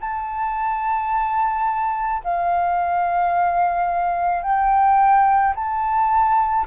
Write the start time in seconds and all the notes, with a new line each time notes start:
0.00 A5
2.24 F5
4.43 G5
5.55 A5